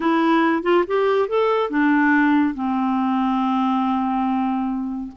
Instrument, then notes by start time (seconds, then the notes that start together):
clarinet
0.00 E4
0.63 F4
0.87 G4
1.28 A4
1.70 D4
2.54 C4